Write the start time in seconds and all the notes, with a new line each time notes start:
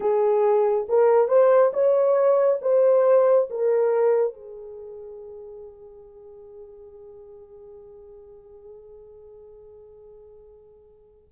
0.00 G#4
0.89 A#4
1.28 C5
1.73 C#5
2.61 C5
3.49 A#4
4.33 G#4